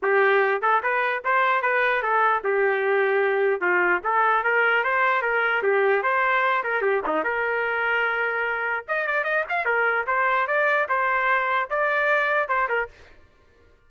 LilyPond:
\new Staff \with { instrumentName = "trumpet" } { \time 4/4 \tempo 4 = 149 g'4. a'8 b'4 c''4 | b'4 a'4 g'2~ | g'4 f'4 a'4 ais'4 | c''4 ais'4 g'4 c''4~ |
c''8 ais'8 g'8 dis'8 ais'2~ | ais'2 dis''8 d''8 dis''8 f''8 | ais'4 c''4 d''4 c''4~ | c''4 d''2 c''8 ais'8 | }